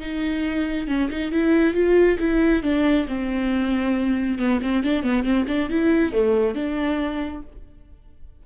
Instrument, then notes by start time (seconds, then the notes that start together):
viola
0.00 D#4
0.87 C#4
1.09 D#4
1.31 E4
1.74 F4
2.19 E4
2.62 D4
3.07 C4
4.38 B3
4.61 C4
4.83 D4
5.03 B3
5.23 C4
5.47 D4
5.69 E4
6.12 A3
6.54 D4